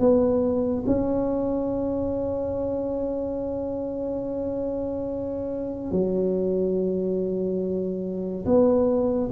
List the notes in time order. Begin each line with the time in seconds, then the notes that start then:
0.00 B3
0.87 C#4
5.92 F#3
8.46 B3